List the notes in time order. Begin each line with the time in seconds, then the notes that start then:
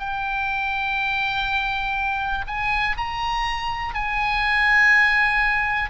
0.00 G5
2.48 G#5
2.98 A#5
3.95 G#5